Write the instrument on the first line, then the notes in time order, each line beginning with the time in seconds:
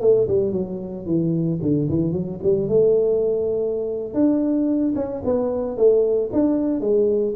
tuba
0.00 A3
0.27 G3
0.52 F#3
1.05 E3
1.61 D3
1.88 E3
2.12 F#3
2.43 G3
2.68 A3
4.13 D4
4.95 C#4
5.24 B3
5.76 A3
6.32 D4
6.80 G#3